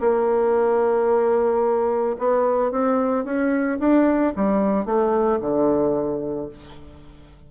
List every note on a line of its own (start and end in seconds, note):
0.00 2.16 A#3
2.18 2.71 B3
2.71 3.24 C4
3.24 3.78 C#4
3.79 4.33 D4
4.35 4.85 G3
4.85 5.39 A3
5.40 6.48 D3